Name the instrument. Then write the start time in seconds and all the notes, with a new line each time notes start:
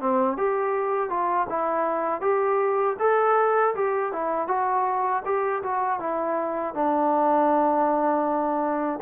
trombone
0.00 C4
0.37 G4
1.09 F4
1.49 E4
2.21 G4
2.99 A4
3.75 G4
4.12 E4
4.48 F#4
5.25 G4
5.63 F#4
6.00 E4
6.74 D4